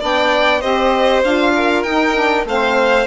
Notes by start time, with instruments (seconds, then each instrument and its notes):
0.00 bassoon B3, saxophone D4, violin D5 G5
0.61 bassoon C4, saxophone G4, violin C5 D#5
1.24 bassoon D4, saxophone F4, violin F5
1.56 violin A#4
1.84 bassoon D#4, saxophone D#4, violin G5
2.15 saxophone D4
2.45 bassoon A3, saxophone C4, violin C5 F5